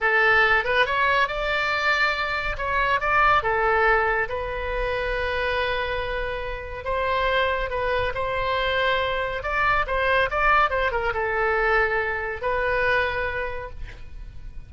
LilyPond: \new Staff \with { instrumentName = "oboe" } { \time 4/4 \tempo 4 = 140 a'4. b'8 cis''4 d''4~ | d''2 cis''4 d''4 | a'2 b'2~ | b'1 |
c''2 b'4 c''4~ | c''2 d''4 c''4 | d''4 c''8 ais'8 a'2~ | a'4 b'2. | }